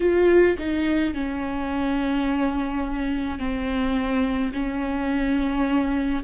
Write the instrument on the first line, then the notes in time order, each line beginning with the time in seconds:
viola
0.00 F4
0.58 D#4
1.14 C#4
3.38 C4
4.53 C#4